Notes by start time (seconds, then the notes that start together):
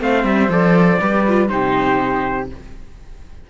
0.00 A3 C4 C5 F5
0.25 G3 E5
0.49 F3 A4 D5
1.00 G3 G4 B4
1.28 F4
1.49 C3 D#4 G4 C5